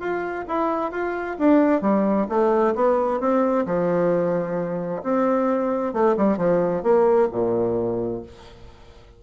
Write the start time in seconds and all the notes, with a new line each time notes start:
0.00 F4
0.49 E4
0.92 F4
1.39 D4
1.82 G3
2.30 A3
2.75 B3
3.21 C4
3.66 F3
5.04 C4
5.94 A3
6.17 G3
6.38 F3
6.83 A#3
7.32 A#2